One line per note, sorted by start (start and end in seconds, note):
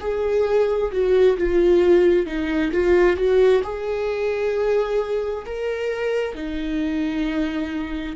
0.00 0.91 G#4
0.91 1.37 F#4
1.37 2.26 F4
2.26 2.71 D#4
2.72 3.17 F4
3.17 3.62 F#4
3.63 5.45 G#4
5.45 6.34 A#4
6.34 8.16 D#4